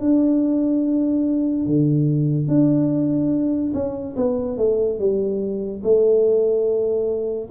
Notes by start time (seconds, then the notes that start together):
0.00 D4
1.66 D3
2.47 D4
3.73 C#4
4.16 B3
4.57 A3
4.99 G3
5.83 A3